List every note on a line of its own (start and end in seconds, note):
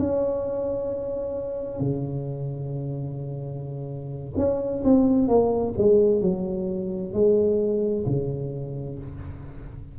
0.00 1.80 C#4
1.80 4.34 C#3
4.37 4.83 C#4
4.84 5.28 C4
5.28 5.74 A#3
5.78 6.22 G#3
6.22 7.14 F#3
7.14 8.06 G#3
8.07 8.99 C#3